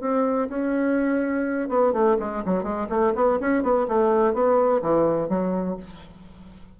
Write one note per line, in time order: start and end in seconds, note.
0.00 0.48 C4
0.48 1.68 C#4
1.68 1.92 B3
1.92 2.16 A3
2.19 2.43 G#3
2.45 2.63 F#3
2.63 2.87 G#3
2.89 3.13 A3
3.15 3.39 B3
3.39 3.62 C#4
3.62 3.86 B3
3.87 4.33 A3
4.33 4.81 B3
4.82 5.28 E3
5.28 5.76 F#3